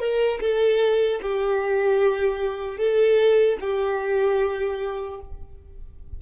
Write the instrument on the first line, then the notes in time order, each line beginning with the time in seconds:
violin
0.00 A#4
0.41 A4
1.22 G4
2.78 A4
3.61 G4